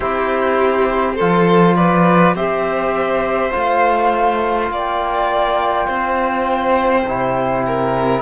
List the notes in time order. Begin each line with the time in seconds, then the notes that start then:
0.00 C4 E4 G4 C5
1.15 F3 F4 A4
1.75 B4 D5
2.35 C4 G4 C5 E5
3.50 A3 F4 F5
4.70 A#3 D5 G5
5.87 C4 C5
7.07 C3 E4
7.66 A#4